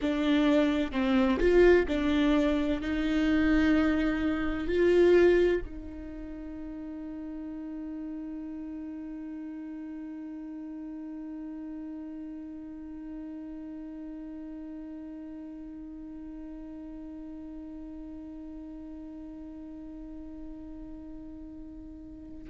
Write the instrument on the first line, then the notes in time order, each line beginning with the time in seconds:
viola
0.01 D4
0.92 C4
1.38 F4
1.87 D4
2.81 D#4
4.67 F4
5.65 D#4